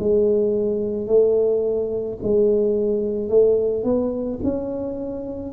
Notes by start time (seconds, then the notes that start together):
0.00 G#3
1.08 A3
2.23 G#3
3.30 A3
3.84 B3
4.44 C#4